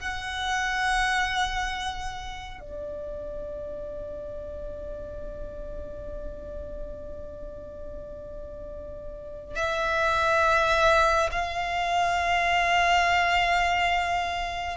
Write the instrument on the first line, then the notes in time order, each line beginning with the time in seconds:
violin
0.00 F#5
2.60 D5
9.56 E5
11.32 F5